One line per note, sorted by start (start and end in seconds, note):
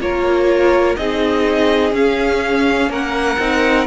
0.00 0.97 A#3
0.00 0.98 F4
0.00 0.99 A#4
0.00 0.96 C#5
0.96 1.93 C4
0.96 1.93 D#4
0.96 2.91 G#4
0.96 1.93 D#5
1.93 2.90 C#4
1.93 3.39 C#4
1.93 2.92 F5
2.90 3.38 A#3
2.90 3.87 A#4
2.90 3.87 F#5
3.39 3.87 C4
3.39 3.87 D#4